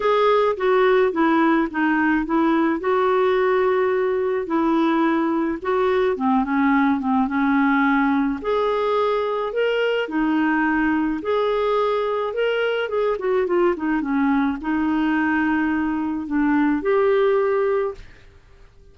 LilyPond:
\new Staff \with { instrumentName = "clarinet" } { \time 4/4 \tempo 4 = 107 gis'4 fis'4 e'4 dis'4 | e'4 fis'2. | e'2 fis'4 c'8 cis'8~ | cis'8 c'8 cis'2 gis'4~ |
gis'4 ais'4 dis'2 | gis'2 ais'4 gis'8 fis'8 | f'8 dis'8 cis'4 dis'2~ | dis'4 d'4 g'2 | }